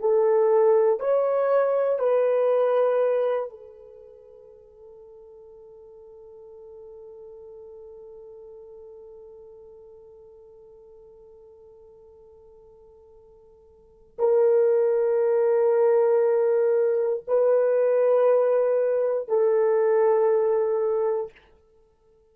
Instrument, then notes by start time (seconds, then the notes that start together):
horn
0.00 A4
1.00 C#5
1.99 B4
3.50 A4
14.19 A#4
17.27 B4
19.28 A4